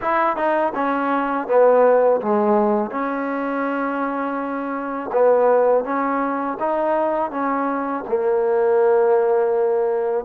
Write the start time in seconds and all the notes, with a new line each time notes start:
0.01 E4
0.36 D#4
0.74 C#4
1.47 B3
2.21 G#3
2.91 C#4
5.12 B3
5.84 C#4
6.59 D#4
7.30 C#4
8.08 A#3